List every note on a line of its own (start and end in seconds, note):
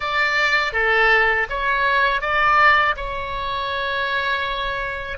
0.00 0.72 D5
0.72 1.46 A4
1.49 2.21 C#5
2.21 2.95 D5
2.96 5.18 C#5